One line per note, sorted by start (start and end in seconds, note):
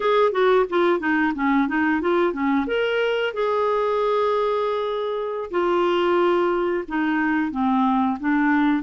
0.00 0.32 G#4
0.32 0.65 F#4
0.69 0.99 F4
0.99 1.33 D#4
1.35 1.68 C#4
1.68 2.01 D#4
2.01 2.33 F4
2.33 2.66 C#4
2.67 3.33 A#4
3.33 5.50 G#4
5.50 6.84 F4
6.88 7.51 D#4
7.51 8.18 C4
8.19 8.82 D4